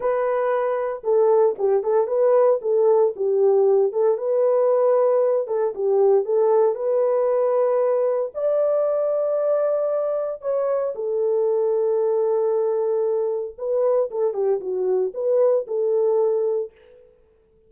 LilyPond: \new Staff \with { instrumentName = "horn" } { \time 4/4 \tempo 4 = 115 b'2 a'4 g'8 a'8 | b'4 a'4 g'4. a'8 | b'2~ b'8 a'8 g'4 | a'4 b'2. |
d''1 | cis''4 a'2.~ | a'2 b'4 a'8 g'8 | fis'4 b'4 a'2 | }